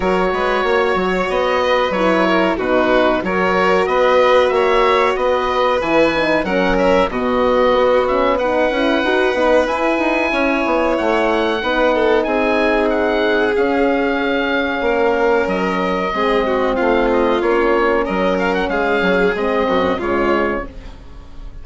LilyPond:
<<
  \new Staff \with { instrumentName = "oboe" } { \time 4/4 \tempo 4 = 93 cis''2 dis''4 cis''4 | b'4 cis''4 dis''4 e''4 | dis''4 gis''4 fis''8 e''8 dis''4~ | dis''8 e''8 fis''2 gis''4~ |
gis''4 fis''2 gis''4 | fis''4 f''2. | dis''2 f''8 dis''8 cis''4 | dis''8 f''16 fis''16 f''4 dis''4 cis''4 | }
  \new Staff \with { instrumentName = "violin" } { \time 4/4 ais'8 b'8 cis''4. b'4 ais'8 | fis'4 ais'4 b'4 cis''4 | b'2 ais'4 fis'4~ | fis'4 b'2. |
cis''2 b'8 a'8 gis'4~ | gis'2. ais'4~ | ais'4 gis'8 fis'8 f'2 | ais'4 gis'4. fis'8 f'4 | }
  \new Staff \with { instrumentName = "horn" } { \time 4/4 fis'2. e'4 | dis'4 fis'2.~ | fis'4 e'8 dis'8 cis'4 b4~ | b8 cis'8 dis'8 e'8 fis'8 dis'8 e'4~ |
e'2 dis'2~ | dis'4 cis'2.~ | cis'4 c'2 cis'4~ | cis'2 c'4 gis4 | }
  \new Staff \with { instrumentName = "bassoon" } { \time 4/4 fis8 gis8 ais8 fis8 b4 fis4 | b,4 fis4 b4 ais4 | b4 e4 fis4 b,4 | b4. cis'8 dis'8 b8 e'8 dis'8 |
cis'8 b8 a4 b4 c'4~ | c'4 cis'2 ais4 | fis4 gis4 a4 ais4 | fis4 gis8 fis8 gis8 fis,8 cis4 | }
>>